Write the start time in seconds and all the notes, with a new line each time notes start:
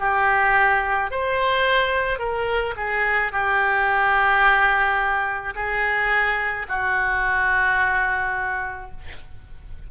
0.00 G4
1.11 C5
2.19 A#4
2.77 G#4
3.32 G4
5.56 G#4
6.69 F#4